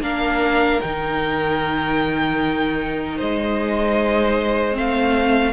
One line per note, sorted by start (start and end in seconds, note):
0.00 0.79 A#3
0.00 0.81 D4
0.00 3.17 A#4
0.00 0.81 F5
0.81 3.21 D#3
0.81 4.72 D#4
0.81 3.18 G5
3.17 4.78 G#3
3.17 5.52 C5
3.17 4.77 D#5
4.72 5.52 A3
4.72 5.51 C4
4.72 5.52 F5